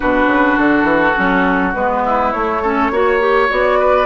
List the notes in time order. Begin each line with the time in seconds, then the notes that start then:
0.00 B2 D4 F#4 B4
0.27 C#3
0.57 D3 A4
0.83 E3
1.15 F#3 C#4
1.73 G#3 B3 B4
2.05 E4
2.32 A3 C#5
2.62 C#4 A4
2.90 A#3 F#4 C#5
3.19 G4
3.48 B3 F#4 D5
3.79 B4